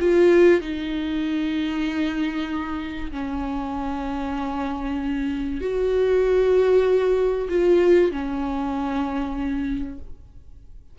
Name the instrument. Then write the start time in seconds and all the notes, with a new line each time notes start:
viola
0.00 F4
0.61 D#4
3.12 C#4
5.61 F#4
7.49 F4
8.12 C#4